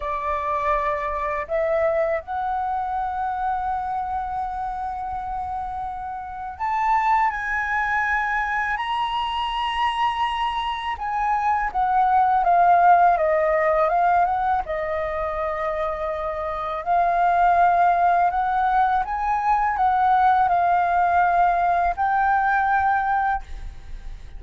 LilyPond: \new Staff \with { instrumentName = "flute" } { \time 4/4 \tempo 4 = 82 d''2 e''4 fis''4~ | fis''1~ | fis''4 a''4 gis''2 | ais''2. gis''4 |
fis''4 f''4 dis''4 f''8 fis''8 | dis''2. f''4~ | f''4 fis''4 gis''4 fis''4 | f''2 g''2 | }